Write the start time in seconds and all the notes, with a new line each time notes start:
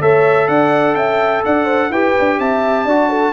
0.00 A3 A4 C#5 E5
0.48 D4 D5 F#5
0.94 C#4 E5 G5
1.45 D4 D5 F#5
1.64 C5
1.89 E4 G4 B4 G5
2.19 D4
2.38 C4 E5 A5
2.85 D4 F#4 D5
3.09 A4